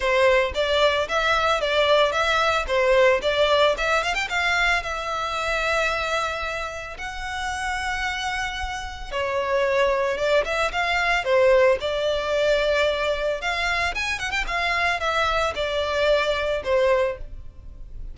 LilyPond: \new Staff \with { instrumentName = "violin" } { \time 4/4 \tempo 4 = 112 c''4 d''4 e''4 d''4 | e''4 c''4 d''4 e''8 f''16 g''16 | f''4 e''2.~ | e''4 fis''2.~ |
fis''4 cis''2 d''8 e''8 | f''4 c''4 d''2~ | d''4 f''4 gis''8 fis''16 g''16 f''4 | e''4 d''2 c''4 | }